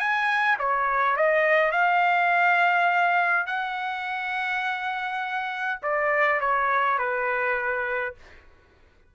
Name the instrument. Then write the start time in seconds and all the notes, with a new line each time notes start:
trumpet
0.00 G#5
0.59 C#5
1.17 D#5
1.72 F5
3.47 F#5
5.83 D5
6.41 C#5
6.99 B4